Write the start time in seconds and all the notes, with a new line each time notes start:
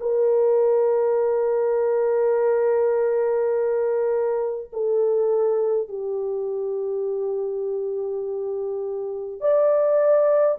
0.00 A#4
4.73 A4
5.88 G4
9.41 D5